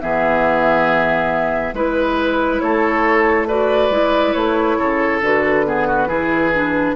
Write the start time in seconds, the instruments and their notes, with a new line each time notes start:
0.00 bassoon E3, clarinet B3, oboe G#4, flute E5
1.73 bassoon G#3, clarinet E4, oboe B4, flute B4
2.59 bassoon A3, oboe A4, flute C#5
3.47 clarinet F#4, oboe B4, flute D5
3.89 bassoon G#3, clarinet E4
4.32 bassoon A3, flute C#5
4.78 bassoon C#3, oboe A4
5.21 bassoon D3, clarinet F#4, flute B4
5.65 clarinet B3, oboe G#4
5.87 oboe F#4
6.07 bassoon E3, clarinet E4, oboe G#4
6.54 clarinet D4